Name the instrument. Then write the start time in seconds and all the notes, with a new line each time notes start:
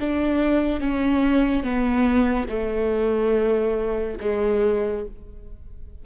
viola
0.00 D4
0.80 C#4
1.63 B3
2.49 A3
4.21 G#3